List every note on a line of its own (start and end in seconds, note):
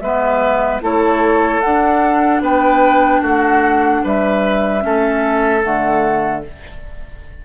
0.00 0.80 G#3
0.00 0.81 B3
0.00 0.82 B4
0.00 0.80 E5
0.81 1.61 A3
0.81 1.61 E4
0.81 2.42 A4
0.81 1.61 C#5
1.61 2.41 D4
1.61 4.81 D4
1.61 2.41 F#5
2.41 3.21 B3
2.41 3.21 B4
2.41 3.24 G5
3.21 4.02 A3
3.21 4.01 F#4
3.21 4.06 F#5
4.04 4.84 G3
4.04 4.83 B4
4.04 5.62 E5
4.81 5.64 A3
4.81 5.61 C#4
4.81 6.45 A4
5.62 6.44 D3
5.62 6.42 A3
5.62 6.43 F#5